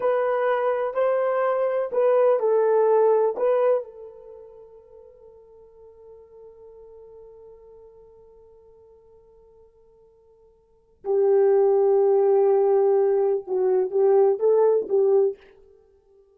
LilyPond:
\new Staff \with { instrumentName = "horn" } { \time 4/4 \tempo 4 = 125 b'2 c''2 | b'4 a'2 b'4 | a'1~ | a'1~ |
a'1~ | a'2. g'4~ | g'1 | fis'4 g'4 a'4 g'4 | }